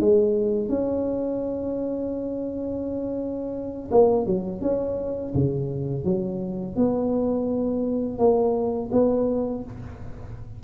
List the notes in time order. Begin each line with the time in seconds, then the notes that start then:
0.00 G#3
0.69 C#4
3.92 A#3
4.26 F#3
4.62 C#4
5.35 C#3
6.05 F#3
6.76 B3
8.19 A#3
8.93 B3